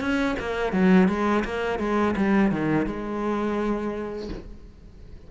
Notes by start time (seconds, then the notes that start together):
0.00 C#4
0.39 A#3
0.72 F#3
1.08 G#3
1.44 A#3
1.79 G#3
2.16 G3
2.51 D#3
2.86 G#3